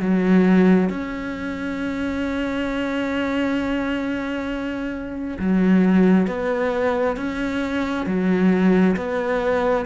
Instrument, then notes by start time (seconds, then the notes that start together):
cello
0.00 F#3
0.90 C#4
5.40 F#3
6.28 B3
7.17 C#4
8.07 F#3
8.97 B3